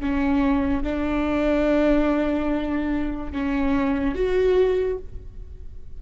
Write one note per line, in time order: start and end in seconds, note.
0.00 0.83 C#4
0.83 3.32 D4
3.32 4.14 C#4
4.14 4.98 F#4